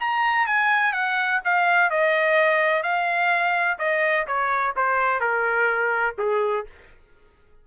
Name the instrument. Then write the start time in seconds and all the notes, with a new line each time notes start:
trumpet
0.00 A#5
0.47 G#5
0.93 F#5
1.45 F5
1.90 D#5
2.83 F5
3.79 D#5
4.27 C#5
4.76 C5
5.20 A#4
6.19 G#4